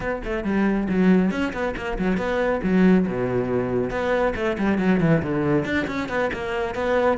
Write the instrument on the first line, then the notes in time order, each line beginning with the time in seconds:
cello
0.00 B3
0.24 A3
0.44 G3
0.89 F#3
1.31 C#4
1.53 B3
1.76 A#3
1.98 F#3
2.17 B3
2.63 F#3
3.07 B2
3.90 B3
4.35 A3
4.58 G3
4.78 F#3
5.00 E3
5.22 D3
5.64 D4
5.87 C#4
6.08 B3
6.33 A#3
6.75 B3